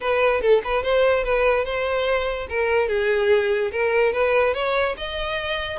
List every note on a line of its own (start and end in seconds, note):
0.01 0.41 B4
0.41 0.62 A4
0.64 0.83 B4
0.83 1.24 C5
1.24 1.64 B4
1.64 2.47 C5
2.49 2.88 A#4
2.88 3.71 G#4
3.71 4.12 A#4
4.12 4.54 B4
4.54 4.95 C#5
4.97 5.78 D#5